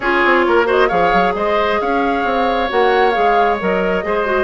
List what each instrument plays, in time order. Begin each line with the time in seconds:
0.00 bassoon C#4, clarinet F4, oboe G#4, flute C#5
0.25 bassoon C4
0.46 bassoon A#3, oboe A#4
0.65 clarinet F#4, oboe C5, flute D#5
0.88 bassoon F3, clarinet G#4, oboe C#5, flute F5
1.13 bassoon F#3
1.34 bassoon G#3, oboe C5, flute D#5
1.81 bassoon C#4, oboe C#5, flute F5
2.24 bassoon C4
2.69 bassoon A#3, clarinet F#4, flute F#5
3.10 clarinet G#4, flute F5
3.17 bassoon G#3
3.59 bassoon F#3, clarinet A#4, flute D#5
4.03 bassoon G#3, clarinet G#4, oboe C5
4.25 clarinet F#4